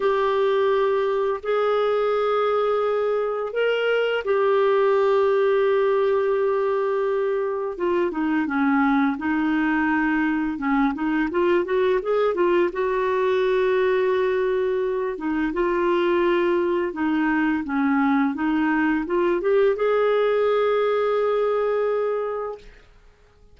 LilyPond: \new Staff \with { instrumentName = "clarinet" } { \time 4/4 \tempo 4 = 85 g'2 gis'2~ | gis'4 ais'4 g'2~ | g'2. f'8 dis'8 | cis'4 dis'2 cis'8 dis'8 |
f'8 fis'8 gis'8 f'8 fis'2~ | fis'4. dis'8 f'2 | dis'4 cis'4 dis'4 f'8 g'8 | gis'1 | }